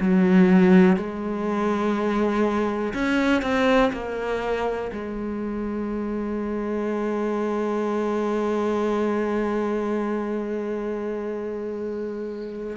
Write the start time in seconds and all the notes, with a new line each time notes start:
0.00 F#3
0.97 G#3
2.94 C#4
3.42 C4
3.93 A#3
4.92 G#3